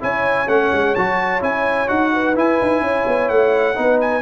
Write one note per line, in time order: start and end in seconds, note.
0.00 0.48 C#4
0.00 0.47 E4
0.00 2.12 C#5
0.00 0.48 G#5
0.48 0.71 A3
0.48 0.95 C#4
0.48 0.95 F#5
0.72 0.95 G#3
0.95 1.42 F#3
0.95 1.41 F#4
0.95 1.42 A5
1.41 1.89 C#4
1.41 1.87 E4
1.41 1.88 G#5
1.87 2.36 D#4
1.87 2.34 F#4
1.87 2.35 F#5
2.13 2.83 B4
2.36 3.75 E4
2.36 2.60 E4
2.36 3.29 G#5
2.61 2.81 D#4
2.81 3.04 C#4
2.81 3.76 C#5
3.07 3.30 B3
3.29 3.77 A3
3.29 3.99 F#5
3.75 4.22 B3
3.75 4.22 D#4
3.75 4.22 B4
4.00 4.22 G#5